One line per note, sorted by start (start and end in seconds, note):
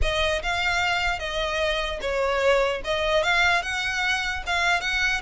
0.01 0.42 D#5
0.42 1.19 F5
1.19 1.99 D#5
2.01 2.81 C#5
2.84 3.23 D#5
3.23 3.62 F5
3.62 4.43 F#5
4.46 4.80 F5
4.80 5.21 F#5